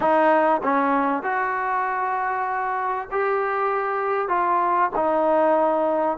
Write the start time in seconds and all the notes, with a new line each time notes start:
0.00 D#4
0.63 C#4
1.23 F#4
3.11 G4
4.28 F4
4.95 D#4